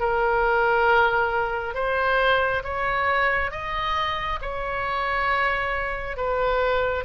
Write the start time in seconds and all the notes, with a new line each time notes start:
0.00 A#4
1.75 C5
2.64 C#5
3.51 D#5
4.42 C#5
6.17 B4